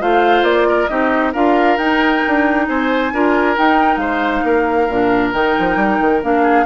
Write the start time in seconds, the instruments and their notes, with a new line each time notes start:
0.00 bassoon A3, clarinet F4, oboe C5, flute F5
0.42 bassoon A#3, flute D5
0.67 oboe A#4
0.87 bassoon C4, clarinet D#4, oboe G4, flute D#5
1.32 bassoon D4, clarinet F4, oboe A#4, flute F5
1.77 bassoon D#4, clarinet D#4, flute G5
2.27 bassoon D4
2.67 bassoon C4, oboe C5, flute G#5
3.12 bassoon D4, clarinet F4, oboe A#4
3.55 clarinet D#4, bassoon D#4, flute G5
3.96 bassoon G#3, oboe C5, flute F5
4.43 bassoon A#3, oboe A#4
4.88 bassoon A#2, clarinet D4
5.33 bassoon D#3, clarinet D#4, flute G5
5.59 bassoon F3
5.76 bassoon G3
6.00 bassoon D#3
6.21 bassoon A#3, clarinet D4, flute F5
6.42 oboe G#4